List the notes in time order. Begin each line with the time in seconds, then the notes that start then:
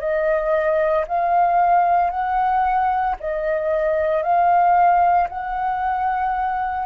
0.00 D#5
1.08 F5
2.11 F#5
3.20 D#5
4.23 F5
5.29 F#5